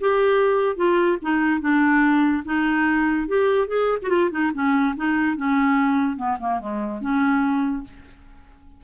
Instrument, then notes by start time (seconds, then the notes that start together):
clarinet
0.00 G4
0.76 F4
1.22 D#4
1.61 D4
2.45 D#4
3.28 G4
3.67 G#4
4.02 F#4
4.09 F4
4.31 D#4
4.54 C#4
4.96 D#4
5.37 C#4
6.17 B3
6.39 A#3
6.60 G#3
7.01 C#4